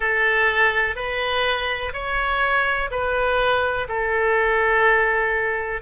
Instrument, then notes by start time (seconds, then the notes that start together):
oboe
0.00 A4
0.95 B4
1.93 C#5
2.90 B4
3.88 A4